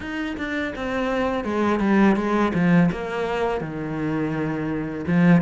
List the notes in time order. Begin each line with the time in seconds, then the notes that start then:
0.00 D#4
0.37 D4
0.75 C4
1.44 G#3
1.79 G3
2.16 G#3
2.53 F3
2.91 A#3
3.60 D#3
5.07 F3